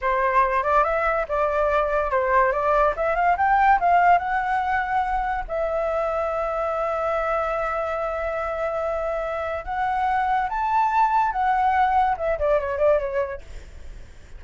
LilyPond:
\new Staff \with { instrumentName = "flute" } { \time 4/4 \tempo 4 = 143 c''4. d''8 e''4 d''4~ | d''4 c''4 d''4 e''8 f''8 | g''4 f''4 fis''2~ | fis''4 e''2.~ |
e''1~ | e''2. fis''4~ | fis''4 a''2 fis''4~ | fis''4 e''8 d''8 cis''8 d''8 cis''4 | }